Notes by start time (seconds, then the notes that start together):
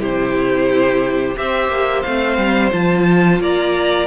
0.00 C3 E4 G4 C5
1.36 C4 G4 C5 E5
1.68 A#3
2.02 A3 C4 F5
2.37 G3
2.71 F3 F4 A5
3.40 A#3 D5 A#5